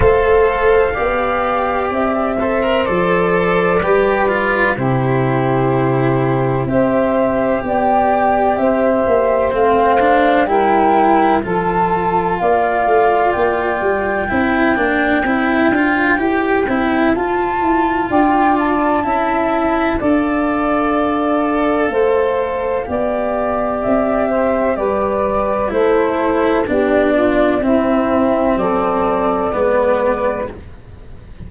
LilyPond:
<<
  \new Staff \with { instrumentName = "flute" } { \time 4/4 \tempo 4 = 63 f''2 e''4 d''4~ | d''4 c''2 e''4 | g''4 e''4 f''4 g''4 | a''4 f''4 g''2~ |
g''2 a''4 g''8 a''8~ | a''4 f''2.~ | f''4 e''4 d''4 c''4 | d''4 e''4 d''2 | }
  \new Staff \with { instrumentName = "saxophone" } { \time 4/4 c''4 d''4. c''4. | b'4 g'2 c''4 | d''4 c''2 ais'4 | a'4 d''2 c''4~ |
c''2. d''4 | e''4 d''2 c''4 | d''4. c''8 b'4 a'4 | g'8 f'8 e'4 a'4 b'4 | }
  \new Staff \with { instrumentName = "cello" } { \time 4/4 a'4 g'4. a'16 ais'16 a'4 | g'8 f'8 e'2 g'4~ | g'2 c'8 d'8 e'4 | f'2. e'8 d'8 |
e'8 f'8 g'8 e'8 f'2 | e'4 a'2. | g'2. e'4 | d'4 c'2 b4 | }
  \new Staff \with { instrumentName = "tuba" } { \time 4/4 a4 b4 c'4 f4 | g4 c2 c'4 | b4 c'8 ais8 a4 g4 | f4 ais8 a8 ais8 g8 c'8 ais8 |
c'8 d'8 e'8 c'8 f'8 e'8 d'4 | cis'4 d'2 a4 | b4 c'4 g4 a4 | b4 c'4 fis4 gis4 | }
>>